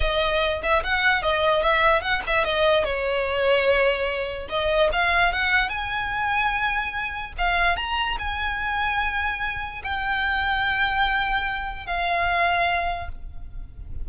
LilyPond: \new Staff \with { instrumentName = "violin" } { \time 4/4 \tempo 4 = 147 dis''4. e''8 fis''4 dis''4 | e''4 fis''8 e''8 dis''4 cis''4~ | cis''2. dis''4 | f''4 fis''4 gis''2~ |
gis''2 f''4 ais''4 | gis''1 | g''1~ | g''4 f''2. | }